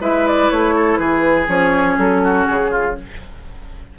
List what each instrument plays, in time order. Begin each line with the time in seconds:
0.00 bassoon G#3, clarinet E4, oboe B4, flute E5
0.27 flute D5
0.51 bassoon A3, flute C#5
0.75 oboe A4
0.97 bassoon E3, oboe G#4, flute B4
1.47 bassoon F3, clarinet C#4, flute C#5
1.98 bassoon F#3, flute A4
2.23 oboe F#4
2.46 bassoon C#3, flute G#4
2.71 oboe F4